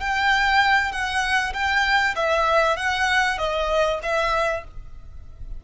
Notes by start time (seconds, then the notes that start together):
0.00 G5
0.92 F#5
1.53 G5
2.16 E5
2.77 F#5
3.38 D#5
4.02 E5